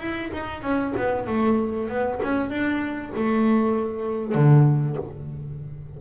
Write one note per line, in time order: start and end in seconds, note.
0.00 0.31 E4
0.33 0.62 D#4
0.62 0.93 C#4
0.97 1.27 B3
1.27 1.89 A3
1.89 2.20 B3
2.23 2.50 C#4
2.50 3.12 D4
3.16 4.35 A3
4.35 4.97 D3